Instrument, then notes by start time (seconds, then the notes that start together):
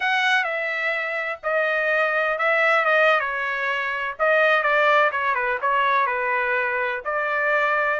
trumpet
0.00 F#5
0.44 E5
1.43 D#5
2.38 E5
2.85 D#5
3.19 C#5
4.19 D#5
4.62 D5
5.11 C#5
5.34 B4
5.61 C#5
6.06 B4
7.05 D5